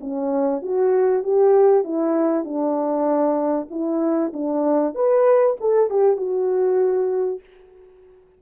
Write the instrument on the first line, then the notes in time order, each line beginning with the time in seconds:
horn
0.00 C#4
0.62 F#4
1.23 G4
1.84 E4
2.44 D4
3.70 E4
4.33 D4
4.94 B4
5.60 A4
5.90 G4
6.16 F#4